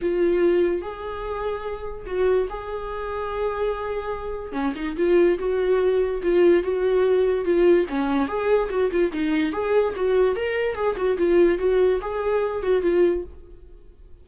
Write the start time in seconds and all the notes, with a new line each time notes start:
0.01 F4
0.81 G#4
2.06 F#4
2.49 G#4
4.52 C#4
4.75 D#4
4.97 F4
5.38 F#4
6.23 F4
6.63 F#4
7.44 F4
7.89 C#4
8.28 G#4
8.70 F#4
8.91 F4
9.12 D#4
9.52 G#4
9.96 F#4
10.35 A#4
10.75 G#4
10.96 F#4
11.17 F4
11.58 F#4
12.01 G#4
12.63 F#4
12.82 F4